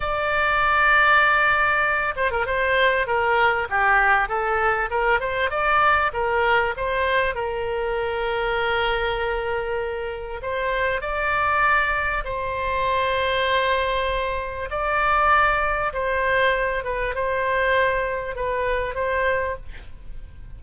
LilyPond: \new Staff \with { instrumentName = "oboe" } { \time 4/4 \tempo 4 = 98 d''2.~ d''8 c''16 ais'16 | c''4 ais'4 g'4 a'4 | ais'8 c''8 d''4 ais'4 c''4 | ais'1~ |
ais'4 c''4 d''2 | c''1 | d''2 c''4. b'8 | c''2 b'4 c''4 | }